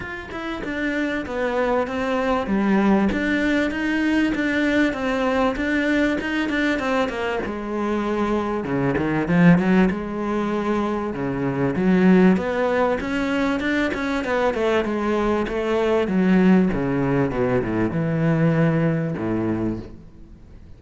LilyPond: \new Staff \with { instrumentName = "cello" } { \time 4/4 \tempo 4 = 97 f'8 e'8 d'4 b4 c'4 | g4 d'4 dis'4 d'4 | c'4 d'4 dis'8 d'8 c'8 ais8 | gis2 cis8 dis8 f8 fis8 |
gis2 cis4 fis4 | b4 cis'4 d'8 cis'8 b8 a8 | gis4 a4 fis4 cis4 | b,8 a,8 e2 a,4 | }